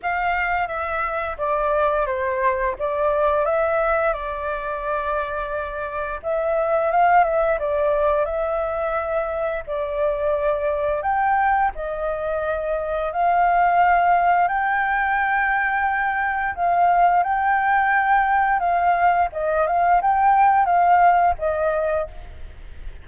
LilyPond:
\new Staff \with { instrumentName = "flute" } { \time 4/4 \tempo 4 = 87 f''4 e''4 d''4 c''4 | d''4 e''4 d''2~ | d''4 e''4 f''8 e''8 d''4 | e''2 d''2 |
g''4 dis''2 f''4~ | f''4 g''2. | f''4 g''2 f''4 | dis''8 f''8 g''4 f''4 dis''4 | }